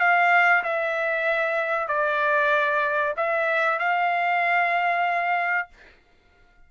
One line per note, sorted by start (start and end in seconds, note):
0.00 0.63 F5
0.63 1.88 E5
1.88 3.14 D5
3.17 3.79 E5
3.79 5.68 F5